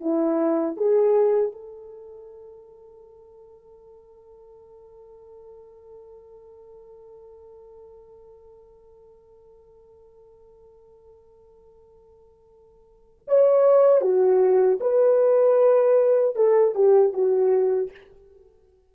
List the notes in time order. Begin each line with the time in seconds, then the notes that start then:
0.00 E4
0.76 G#4
1.52 A4
13.27 C#5
14.01 F#4
14.80 B4
16.35 A4
16.75 G4
17.13 F#4